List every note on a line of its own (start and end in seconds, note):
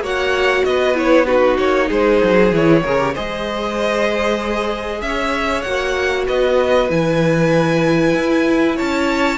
0.00 0.62 A#3
0.00 0.94 F#4
0.00 0.65 C#5
0.00 0.64 F#5
0.64 1.58 B3
0.64 1.26 B4
0.64 0.95 D#5
0.94 1.26 E4
0.94 1.25 C#5
1.25 2.51 D#4
1.25 1.88 F#4
1.25 1.57 B4
1.58 1.90 A#3
1.58 1.89 C#5
1.88 2.22 G#3
1.88 2.82 G#4
1.88 2.54 C5
2.23 2.52 F#3
2.52 2.83 E3
2.52 2.84 E4
2.52 3.15 C#5
2.83 3.15 C#3
2.83 2.98 G#4
2.83 3.14 A#4
2.98 3.14 G4
3.14 5.02 G#3
3.14 5.65 G#4
3.14 5.01 C5
3.14 5.01 D#5
5.01 5.64 C#4
5.01 6.27 C#5
5.01 5.62 E5
5.62 6.27 A#3
5.62 6.89 F#4
5.62 6.24 F#5
6.27 6.89 B3
6.27 8.76 B4
6.27 6.90 D#5
6.89 8.14 E3
6.89 9.38 E4
6.89 8.78 G#5
8.14 8.77 E4
8.76 9.38 C#4
8.76 9.38 C#5
8.76 9.38 A5